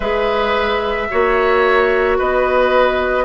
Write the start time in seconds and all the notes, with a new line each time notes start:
0.00 G#3 G#4 B4 E5
1.10 A#3 F#4 C#5
2.17 B3 B4 D#5